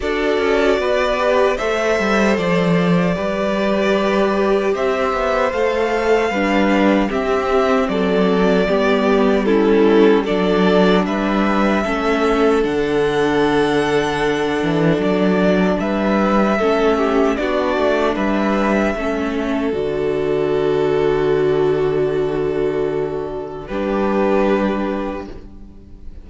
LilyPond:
<<
  \new Staff \with { instrumentName = "violin" } { \time 4/4 \tempo 4 = 76 d''2 e''4 d''4~ | d''2 e''4 f''4~ | f''4 e''4 d''2 | a'4 d''4 e''2 |
fis''2. d''4 | e''2 d''4 e''4~ | e''4 d''2.~ | d''2 b'2 | }
  \new Staff \with { instrumentName = "violin" } { \time 4/4 a'4 b'4 c''2 | b'2 c''2 | b'4 g'4 a'4 g'4 | e'4 a'4 b'4 a'4~ |
a'1 | b'4 a'8 g'8 fis'4 b'4 | a'1~ | a'2 g'2 | }
  \new Staff \with { instrumentName = "viola" } { \time 4/4 fis'4. g'8 a'2 | g'2. a'4 | d'4 c'2 b4 | cis'4 d'2 cis'4 |
d'1~ | d'4 cis'4 d'2 | cis'4 fis'2.~ | fis'2 d'2 | }
  \new Staff \with { instrumentName = "cello" } { \time 4/4 d'8 cis'8 b4 a8 g8 f4 | g2 c'8 b8 a4 | g4 c'4 fis4 g4~ | g4 fis4 g4 a4 |
d2~ d8 e8 fis4 | g4 a4 b8 a8 g4 | a4 d2.~ | d2 g2 | }
>>